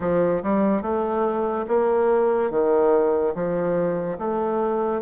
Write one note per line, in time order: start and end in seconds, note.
0.00 0.42 F3
0.42 0.82 G3
0.82 1.65 A3
1.68 2.50 A#3
2.50 3.33 D#3
3.34 4.17 F3
4.18 5.02 A3